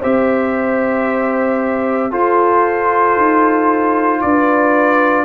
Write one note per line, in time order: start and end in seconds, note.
0.00 2.13 C4
0.00 2.12 G4
0.00 2.11 C5
0.00 2.12 E5
2.12 5.25 F4
2.12 3.17 F4
2.12 4.22 A4
2.12 4.22 C5
3.17 4.22 D#4
4.22 5.25 D4
4.22 5.25 B4
4.22 5.25 D5